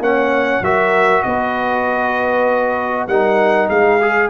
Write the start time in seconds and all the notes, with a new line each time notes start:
0.00 A#3 C#4 C#5 F#5
0.62 F#3 F#4 A#4 E5
1.23 B3 B4 D#5
3.08 G3 D#4 A#4 F#5
3.70 G#3 G#4 F5
4.01 G#4